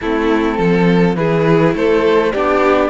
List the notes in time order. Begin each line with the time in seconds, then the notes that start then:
0.00 A3 C4 E4 A4
0.58 F3 A4
1.15 E3 E4 G#4 B4
1.74 A3 A4 C5
2.32 B3 D4 G4 D5